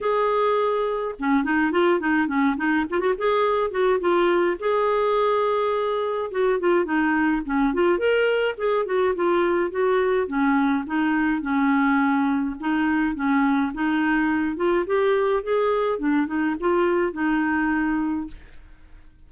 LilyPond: \new Staff \with { instrumentName = "clarinet" } { \time 4/4 \tempo 4 = 105 gis'2 cis'8 dis'8 f'8 dis'8 | cis'8 dis'8 f'16 fis'16 gis'4 fis'8 f'4 | gis'2. fis'8 f'8 | dis'4 cis'8 f'8 ais'4 gis'8 fis'8 |
f'4 fis'4 cis'4 dis'4 | cis'2 dis'4 cis'4 | dis'4. f'8 g'4 gis'4 | d'8 dis'8 f'4 dis'2 | }